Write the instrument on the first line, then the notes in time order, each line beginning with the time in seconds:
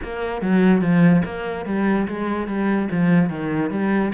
cello
0.03 A#3
0.41 F#3
0.81 F3
1.24 A#3
1.65 G3
2.07 G#3
2.47 G3
2.91 F3
3.29 D#3
3.70 G3